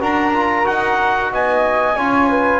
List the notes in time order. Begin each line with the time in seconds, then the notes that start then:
0.00 D4 F#4 A#4 A#5
0.33 F4
0.64 D#4 F#4 F#5
1.32 B3 D#5 G#5
1.96 C#4 F4 C#5
2.29 B4